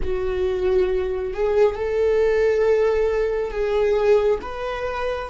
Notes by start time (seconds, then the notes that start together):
0.02 F#4
1.33 G#4
1.75 A4
3.51 G#4
4.41 B4